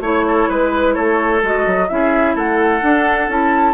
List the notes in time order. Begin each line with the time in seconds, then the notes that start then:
0.00 A3 E4 C#5
0.27 A4
0.48 G#3 B4
0.94 A3 A4 C#5
1.42 G#3 F#4 D#5
1.66 F#3
1.88 C#4 E4 G#4 E5
2.35 A3 A4 F#5
2.82 D4
3.28 C#4 E4 A5